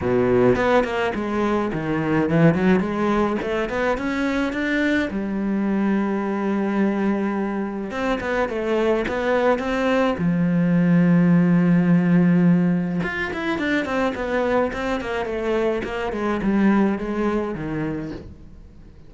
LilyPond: \new Staff \with { instrumentName = "cello" } { \time 4/4 \tempo 4 = 106 b,4 b8 ais8 gis4 dis4 | e8 fis8 gis4 a8 b8 cis'4 | d'4 g2.~ | g2 c'8 b8 a4 |
b4 c'4 f2~ | f2. f'8 e'8 | d'8 c'8 b4 c'8 ais8 a4 | ais8 gis8 g4 gis4 dis4 | }